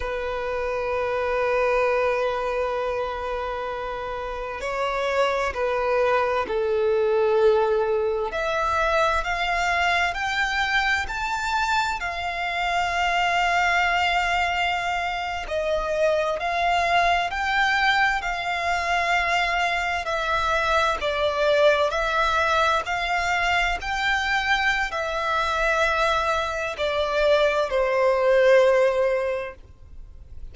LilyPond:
\new Staff \with { instrumentName = "violin" } { \time 4/4 \tempo 4 = 65 b'1~ | b'4 cis''4 b'4 a'4~ | a'4 e''4 f''4 g''4 | a''4 f''2.~ |
f''8. dis''4 f''4 g''4 f''16~ | f''4.~ f''16 e''4 d''4 e''16~ | e''8. f''4 g''4~ g''16 e''4~ | e''4 d''4 c''2 | }